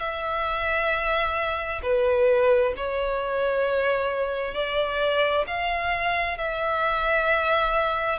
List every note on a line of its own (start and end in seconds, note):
0.00 1.82 E5
1.83 2.74 B4
2.77 4.55 C#5
4.55 5.45 D5
5.47 6.38 F5
6.38 8.19 E5